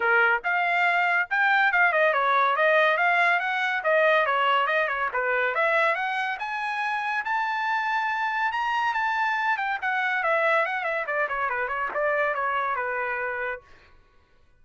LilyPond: \new Staff \with { instrumentName = "trumpet" } { \time 4/4 \tempo 4 = 141 ais'4 f''2 g''4 | f''8 dis''8 cis''4 dis''4 f''4 | fis''4 dis''4 cis''4 dis''8 cis''8 | b'4 e''4 fis''4 gis''4~ |
gis''4 a''2. | ais''4 a''4. g''8 fis''4 | e''4 fis''8 e''8 d''8 cis''8 b'8 cis''8 | d''4 cis''4 b'2 | }